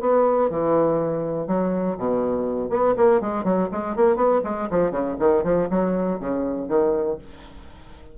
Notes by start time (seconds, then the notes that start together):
0.00 B3
0.50 E3
1.47 F#3
1.97 B2
2.69 B3
2.96 A#3
3.21 G#3
3.43 F#3
3.71 G#3
3.96 A#3
4.16 B3
4.44 G#3
4.70 F3
4.91 C#3
5.19 D#3
5.43 F3
5.70 F#3
6.19 C#3
6.68 D#3